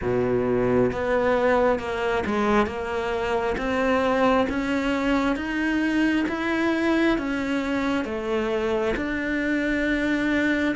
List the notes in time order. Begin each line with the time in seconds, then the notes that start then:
0.01 B2
0.92 B3
1.79 A#3
2.26 G#3
2.66 A#3
3.57 C4
4.49 C#4
5.36 D#4
6.28 E4
7.18 C#4
8.04 A3
8.96 D4